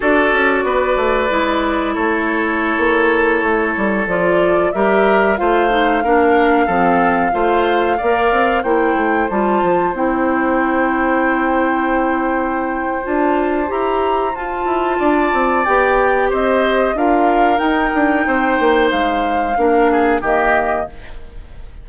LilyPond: <<
  \new Staff \with { instrumentName = "flute" } { \time 4/4 \tempo 4 = 92 d''2. cis''4~ | cis''2~ cis''16 d''4 e''8.~ | e''16 f''2.~ f''8.~ | f''4~ f''16 g''4 a''4 g''8.~ |
g''1 | a''4 ais''4 a''2 | g''4 dis''4 f''4 g''4~ | g''4 f''2 dis''4 | }
  \new Staff \with { instrumentName = "oboe" } { \time 4/4 a'4 b'2 a'4~ | a'2.~ a'16 ais'8.~ | ais'16 c''4 ais'4 a'4 c''8.~ | c''16 d''4 c''2~ c''8.~ |
c''1~ | c''2. d''4~ | d''4 c''4 ais'2 | c''2 ais'8 gis'8 g'4 | }
  \new Staff \with { instrumentName = "clarinet" } { \time 4/4 fis'2 e'2~ | e'2~ e'16 f'4 g'8.~ | g'16 f'8 dis'8 d'4 c'4 f'8.~ | f'16 ais'4 e'4 f'4 e'8.~ |
e'1 | f'4 g'4 f'2 | g'2 f'4 dis'4~ | dis'2 d'4 ais4 | }
  \new Staff \with { instrumentName = "bassoon" } { \time 4/4 d'8 cis'8 b8 a8 gis4 a4~ | a16 ais4 a8 g8 f4 g8.~ | g16 a4 ais4 f4 a8.~ | a16 ais8 c'8 ais8 a8 g8 f8 c'8.~ |
c'1 | d'4 e'4 f'8 e'8 d'8 c'8 | b4 c'4 d'4 dis'8 d'8 | c'8 ais8 gis4 ais4 dis4 | }
>>